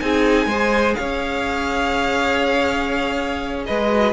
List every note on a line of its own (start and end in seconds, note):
0.00 0.46 C4
0.00 0.50 D#4
0.00 0.48 G#4
0.00 0.95 G#5
0.46 0.95 G#3
0.46 3.90 G#4
0.46 0.97 C5
0.95 3.68 C#4
0.95 3.66 C#5
0.95 3.63 F5
3.66 4.13 G#3
3.66 4.13 B4
3.66 4.13 D#5
3.90 4.13 F#4